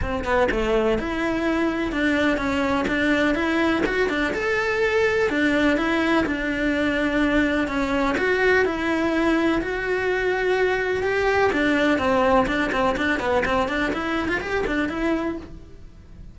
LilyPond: \new Staff \with { instrumentName = "cello" } { \time 4/4 \tempo 4 = 125 c'8 b8 a4 e'2 | d'4 cis'4 d'4 e'4 | fis'8 d'8 a'2 d'4 | e'4 d'2. |
cis'4 fis'4 e'2 | fis'2. g'4 | d'4 c'4 d'8 c'8 d'8 b8 | c'8 d'8 e'8. f'16 g'8 d'8 e'4 | }